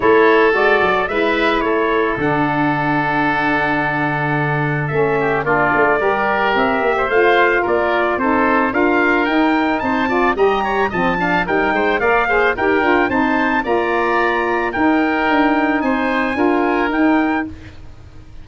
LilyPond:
<<
  \new Staff \with { instrumentName = "trumpet" } { \time 4/4 \tempo 4 = 110 cis''4 d''4 e''4 cis''4 | fis''1~ | fis''4 e''4 d''2 | e''4 f''4 d''4 c''4 |
f''4 g''4 a''4 ais''4 | a''4 g''4 f''4 g''4 | a''4 ais''2 g''4~ | g''4 gis''2 g''4 | }
  \new Staff \with { instrumentName = "oboe" } { \time 4/4 a'2 b'4 a'4~ | a'1~ | a'4. g'8 f'4 ais'4~ | ais'8. c''4~ c''16 ais'4 a'4 |
ais'2 c''8 d''8 dis''8 cis''8 | dis''8 f''8 ais'8 c''8 d''8 c''8 ais'4 | c''4 d''2 ais'4~ | ais'4 c''4 ais'2 | }
  \new Staff \with { instrumentName = "saxophone" } { \time 4/4 e'4 fis'4 e'2 | d'1~ | d'4 cis'4 d'4 g'4~ | g'4 f'2 dis'4 |
f'4 dis'4. f'8 g'4 | c'8 d'8 dis'4 ais'8 gis'8 g'8 f'8 | dis'4 f'2 dis'4~ | dis'2 f'4 dis'4 | }
  \new Staff \with { instrumentName = "tuba" } { \time 4/4 a4 gis8 fis8 gis4 a4 | d1~ | d4 a4 ais8 a8 g4 | c'8 ais8 a4 ais4 c'4 |
d'4 dis'4 c'4 g4 | f4 g8 gis8 ais4 dis'8 d'8 | c'4 ais2 dis'4 | d'4 c'4 d'4 dis'4 | }
>>